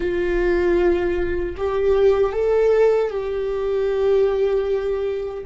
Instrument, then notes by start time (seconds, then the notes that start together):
viola
0.00 F4
1.57 G4
2.32 A4
3.10 G4